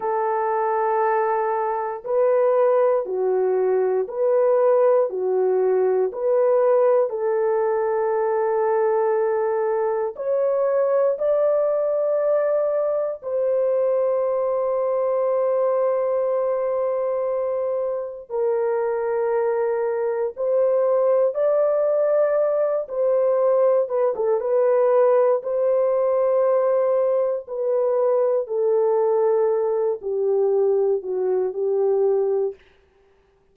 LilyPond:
\new Staff \with { instrumentName = "horn" } { \time 4/4 \tempo 4 = 59 a'2 b'4 fis'4 | b'4 fis'4 b'4 a'4~ | a'2 cis''4 d''4~ | d''4 c''2.~ |
c''2 ais'2 | c''4 d''4. c''4 b'16 a'16 | b'4 c''2 b'4 | a'4. g'4 fis'8 g'4 | }